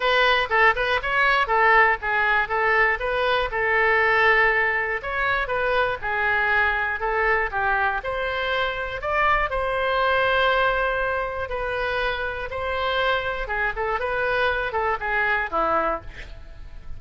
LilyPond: \new Staff \with { instrumentName = "oboe" } { \time 4/4 \tempo 4 = 120 b'4 a'8 b'8 cis''4 a'4 | gis'4 a'4 b'4 a'4~ | a'2 cis''4 b'4 | gis'2 a'4 g'4 |
c''2 d''4 c''4~ | c''2. b'4~ | b'4 c''2 gis'8 a'8 | b'4. a'8 gis'4 e'4 | }